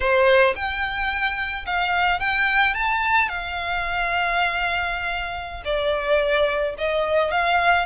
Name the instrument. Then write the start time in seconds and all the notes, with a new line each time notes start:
violin
0.00 C5
0.55 G5
1.65 F5
2.19 G5
2.74 A5
3.29 F5
5.64 D5
6.78 D#5
7.31 F5